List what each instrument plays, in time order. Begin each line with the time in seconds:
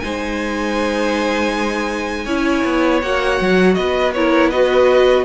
0.00 cello G#3, viola D#4, violin C5 G#5
2.25 cello C#4, viola E4, violin C#5
2.65 cello B3
3.02 cello A#3, viola F#4, violin F#5
3.41 cello F#3
3.75 cello B3, violin B4 D#5
4.13 viola E4, violin A#4 C#5
4.50 viola F#4, violin B4 D#5